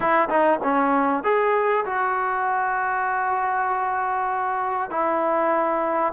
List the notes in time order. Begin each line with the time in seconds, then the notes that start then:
0.00 E4
0.29 D#4
0.63 C#4
1.23 G#4
1.85 F#4
4.90 E4